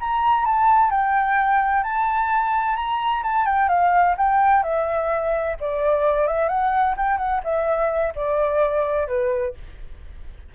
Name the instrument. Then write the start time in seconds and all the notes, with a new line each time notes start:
flute
0.00 A#5
0.45 A5
0.90 G5
1.83 A5
2.76 A#5
3.23 A5
3.46 G5
3.68 F5
4.17 G5
4.63 E5
5.60 D5
6.27 E5
6.48 F#5
6.97 G5
7.17 F#5
7.44 E5
8.15 D5
9.07 B4